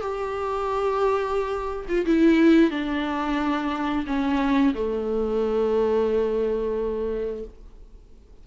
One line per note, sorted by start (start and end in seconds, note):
0.00 1.85 G4
1.88 2.05 F4
2.05 2.70 E4
2.70 4.05 D4
4.06 4.73 C#4
4.74 7.44 A3